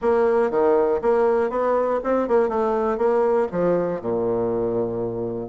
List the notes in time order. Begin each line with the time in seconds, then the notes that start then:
0.01 A#3
0.50 D#3
1.01 A#3
1.50 B3
2.03 C4
2.27 A#3
2.49 A3
2.97 A#3
3.51 F3
4.01 A#2